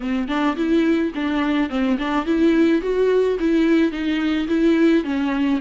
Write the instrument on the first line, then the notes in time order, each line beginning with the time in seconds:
viola
0.00 C4
0.28 D4
0.56 E4
1.14 D4
1.69 C4
1.98 D4
2.25 E4
2.81 F#4
3.39 E4
3.91 D#4
4.48 E4
5.03 C#4